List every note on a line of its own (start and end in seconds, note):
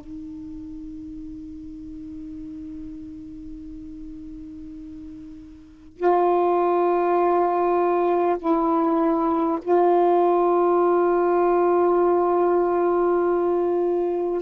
0.00 5.97 D#4
5.97 8.37 F4
8.39 9.59 E4
9.61 14.41 F4